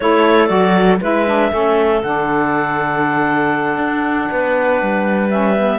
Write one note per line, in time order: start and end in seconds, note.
0.00 0.49 A3
0.00 0.47 E4
0.00 1.01 A4
0.00 0.46 C#5
0.46 1.00 F#3
0.46 0.97 F#4
0.46 0.97 D5
1.01 1.51 G#3
1.01 1.26 E4
1.01 1.51 B4
1.01 2.03 E5
1.26 1.51 D4
1.51 2.02 A3
1.51 2.01 C#4
1.51 4.29 A4
2.03 3.77 D3
2.03 5.29 D4
2.03 5.30 F#5
3.77 4.28 D4
4.30 4.81 B3
4.30 5.79 B4
4.81 5.79 G3
5.29 5.55 C#4
5.29 5.79 E5
5.57 5.79 B3